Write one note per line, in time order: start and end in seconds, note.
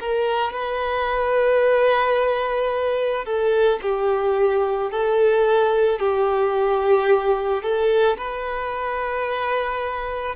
0.00 0.53 A#4
0.53 3.25 B4
3.25 3.79 A4
3.82 4.91 G4
4.91 6.00 A4
6.00 7.63 G4
7.63 8.17 A4
8.18 10.36 B4